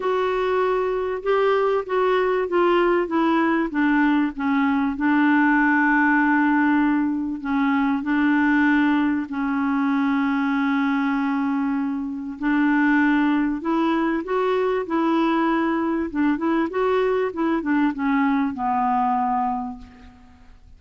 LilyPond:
\new Staff \with { instrumentName = "clarinet" } { \time 4/4 \tempo 4 = 97 fis'2 g'4 fis'4 | f'4 e'4 d'4 cis'4 | d'1 | cis'4 d'2 cis'4~ |
cis'1 | d'2 e'4 fis'4 | e'2 d'8 e'8 fis'4 | e'8 d'8 cis'4 b2 | }